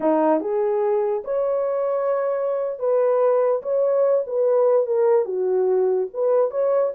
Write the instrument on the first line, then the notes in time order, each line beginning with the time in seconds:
horn
0.00 D#4
0.40 G#4
1.24 C#5
2.79 B4
3.62 C#5
4.26 B4
4.86 A#4
5.25 F#4
6.13 B4
6.50 C#5